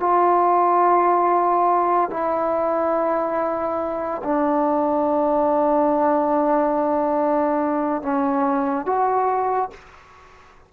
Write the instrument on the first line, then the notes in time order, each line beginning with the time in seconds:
trombone
0.00 F4
2.10 E4
4.23 D4
8.02 C#4
8.86 F#4